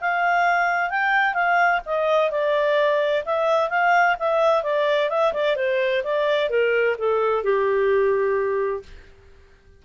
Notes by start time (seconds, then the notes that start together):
0.00 F5
0.90 G5
1.34 F5
1.86 D#5
2.31 D5
3.25 E5
3.70 F5
4.19 E5
4.63 D5
5.09 E5
5.33 D5
5.56 C5
6.04 D5
6.49 A#4
6.98 A4
7.43 G4